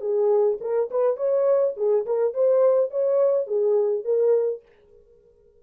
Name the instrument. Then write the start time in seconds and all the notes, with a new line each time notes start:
horn
0.00 G#4
0.60 A#4
0.90 B4
1.16 C#5
1.76 G#4
2.05 A#4
2.33 C5
2.90 C#5
3.46 G#4
4.04 A#4